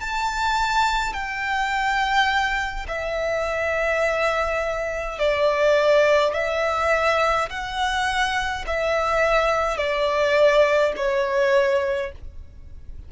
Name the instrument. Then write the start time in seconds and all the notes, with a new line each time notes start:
violin
0.00 A5
1.13 G5
2.88 E5
5.19 D5
6.34 E5
7.49 F#5
8.66 E5
9.77 D5
10.96 C#5